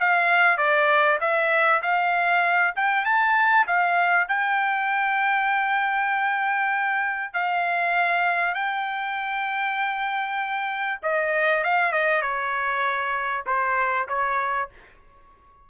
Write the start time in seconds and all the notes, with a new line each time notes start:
0.00 F5
0.58 D5
1.21 E5
1.83 F5
2.76 G5
3.05 A5
3.67 F5
4.28 G5
7.34 F5
8.55 G5
11.03 D#5
11.64 F5
11.92 D#5
12.22 C#5
13.47 C5
14.08 C#5